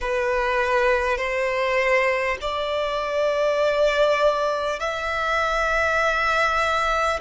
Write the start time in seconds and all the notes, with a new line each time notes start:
0.01 B4
1.17 C5
2.41 D5
4.79 E5